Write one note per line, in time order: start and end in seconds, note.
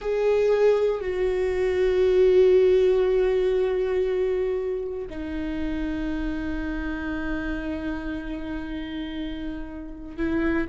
0.01 1.00 G#4
1.00 5.07 F#4
5.09 10.16 D#4
10.16 10.67 E4